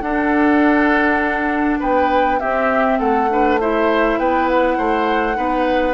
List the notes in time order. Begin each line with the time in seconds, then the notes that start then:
0.00 D4 A4 F#5
1.79 B3 B4 G5
2.39 C4 G4 E5
2.98 A3 A4 F#5
3.29 D4 B4
3.60 E4 C5 E5
4.18 B3 B4 G5
4.48 F#5
4.77 A3 C5
5.34 B3 D#4 B4